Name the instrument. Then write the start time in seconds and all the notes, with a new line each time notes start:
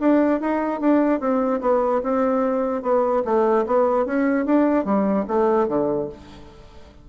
bassoon
0.00 D4
0.40 D#4
0.81 D4
1.20 C4
1.61 B3
2.03 C4
2.82 B3
3.25 A3
3.67 B3
4.06 C#4
4.46 D4
4.85 G3
5.28 A3
5.68 D3